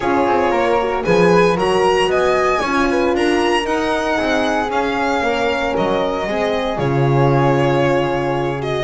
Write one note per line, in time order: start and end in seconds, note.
0.00 0.26 C#4
0.00 0.79 F4
0.00 0.51 G#4
0.00 1.04 C#5
0.26 0.52 C4
0.51 1.04 A#3
0.51 1.03 A#4
0.80 1.03 F#4
1.03 1.57 F3
1.03 1.55 G#4
1.03 1.56 B4
1.03 1.56 G#5
1.56 2.07 F#3
1.56 2.61 F#4
1.56 2.08 A#4
1.56 2.11 A#5
2.07 2.59 B3
2.07 2.60 D#5
2.07 3.15 G#5
2.60 3.14 C#4
2.60 3.63 F4
2.60 2.86 C#5
2.89 3.16 B4
3.14 3.65 D4
3.14 4.17 A#4
3.14 3.66 A#5
3.63 4.67 D#4
3.63 4.17 D#4
3.63 4.70 F#5
4.17 4.70 C4
4.17 5.22 G#4
4.69 6.26 C#4
4.69 5.21 C#4
4.69 5.76 F5
5.21 5.73 A#3
5.21 6.27 A#4
5.76 6.27 F#3
5.76 6.79 D#5
6.27 6.78 G#3
6.27 6.76 C4
6.27 8.84 G#4
6.76 8.84 C#3
6.76 8.59 F4
6.76 8.61 C#5
8.59 8.84 F#4
8.59 8.84 D#5